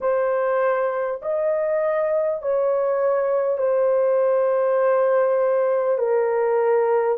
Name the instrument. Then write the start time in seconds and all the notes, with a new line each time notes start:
horn
0.01 C5
1.22 D#5
2.42 C#5
3.58 C5
5.98 A#4